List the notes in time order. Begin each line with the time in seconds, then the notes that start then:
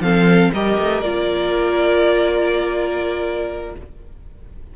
0.00 F3 C4 A4 F5
0.53 G3 G4 A#4 D#5
0.77 A3
1.01 A#3 F4 D5